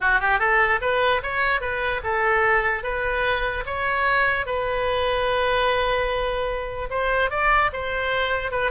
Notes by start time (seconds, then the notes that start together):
0.00 F#4
0.19 G4
0.39 A4
0.81 B4
1.23 C#5
1.60 B4
2.03 A4
2.83 B4
3.66 C#5
4.46 B4
6.90 C5
7.30 D5
7.72 C5
8.51 B4